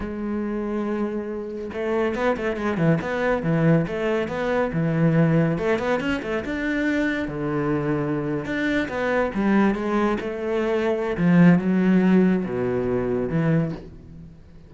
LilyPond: \new Staff \with { instrumentName = "cello" } { \time 4/4 \tempo 4 = 140 gis1 | a4 b8 a8 gis8 e8 b4 | e4 a4 b4 e4~ | e4 a8 b8 cis'8 a8 d'4~ |
d'4 d2~ d8. d'16~ | d'8. b4 g4 gis4 a16~ | a2 f4 fis4~ | fis4 b,2 e4 | }